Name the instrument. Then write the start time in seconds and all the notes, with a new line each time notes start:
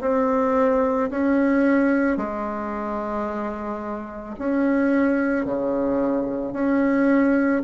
bassoon
0.00 C4
1.10 C#4
2.17 G#3
4.38 C#4
5.45 C#3
6.53 C#4